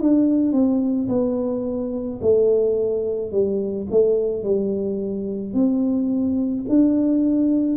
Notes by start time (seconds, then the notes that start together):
0.00 D4
0.52 C4
1.08 B3
2.21 A3
3.31 G3
3.90 A3
4.43 G3
5.54 C4
6.68 D4